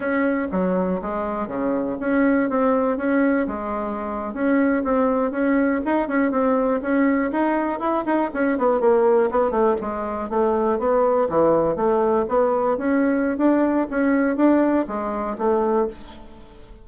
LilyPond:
\new Staff \with { instrumentName = "bassoon" } { \time 4/4 \tempo 4 = 121 cis'4 fis4 gis4 cis4 | cis'4 c'4 cis'4 gis4~ | gis8. cis'4 c'4 cis'4 dis'16~ | dis'16 cis'8 c'4 cis'4 dis'4 e'16~ |
e'16 dis'8 cis'8 b8 ais4 b8 a8 gis16~ | gis8. a4 b4 e4 a16~ | a8. b4 cis'4~ cis'16 d'4 | cis'4 d'4 gis4 a4 | }